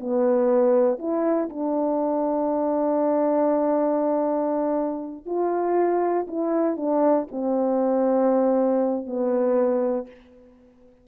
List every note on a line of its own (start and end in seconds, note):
0.00 0.99 B3
0.99 1.49 E4
1.50 5.26 D4
5.26 6.27 F4
6.28 6.77 E4
6.77 7.27 D4
7.32 9.06 C4
9.06 10.07 B3